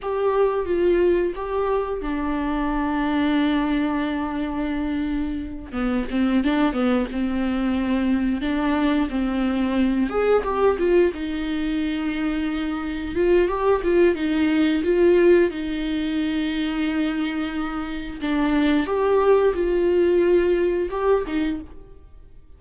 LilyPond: \new Staff \with { instrumentName = "viola" } { \time 4/4 \tempo 4 = 89 g'4 f'4 g'4 d'4~ | d'1~ | d'8 b8 c'8 d'8 b8 c'4.~ | c'8 d'4 c'4. gis'8 g'8 |
f'8 dis'2. f'8 | g'8 f'8 dis'4 f'4 dis'4~ | dis'2. d'4 | g'4 f'2 g'8 dis'8 | }